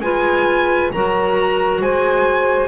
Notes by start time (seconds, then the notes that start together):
0.00 G#3 F4 B4 G#5
0.92 F#3 F#4 A#4 A#5
1.81 G#3 C5 G#5